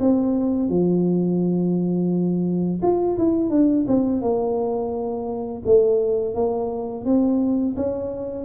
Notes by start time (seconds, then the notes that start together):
0.00 C4
0.70 F3
2.83 F4
3.18 E4
3.50 D4
3.88 C4
4.22 A#3
5.66 A3
6.35 A#3
7.05 C4
7.77 C#4